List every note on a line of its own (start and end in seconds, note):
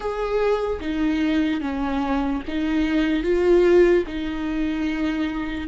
0.00 0.79 G#4
0.80 1.60 D#4
1.60 2.41 C#4
2.47 3.22 D#4
3.22 4.04 F4
4.06 5.68 D#4